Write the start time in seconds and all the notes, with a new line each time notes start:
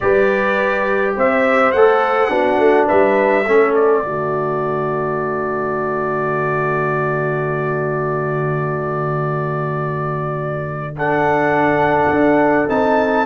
0.00 G3 G4 B4 D5
1.16 C4 C5 E5
1.71 A3 A4 F#5
2.28 B3 D4 F#4
2.58 A3
2.86 G3 B4 E5
3.44 A3 C#4 A4
3.74 D5
4.03 D3 A3 F#4
10.97 D4 A4 F#5
12.10 D4
12.68 C4 D#4 A5